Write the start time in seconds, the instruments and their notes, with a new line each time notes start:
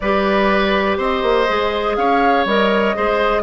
0.00 bassoon G3, clarinet G4, oboe B4, flute D5
0.97 bassoon C4, oboe C5, flute D#5
1.22 bassoon A#3
1.48 bassoon G#3, clarinet G#4
1.95 bassoon C#4, oboe C#5, flute F5
2.45 bassoon G3, clarinet A#4, flute D#5
2.95 bassoon G#3, clarinet G#4, oboe C5